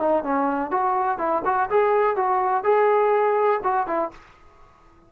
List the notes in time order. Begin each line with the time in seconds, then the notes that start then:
0.00 D#4
0.24 C#4
0.71 F#4
1.19 E4
1.46 F#4
1.70 G#4
2.17 F#4
2.64 G#4
3.64 F#4
3.87 E4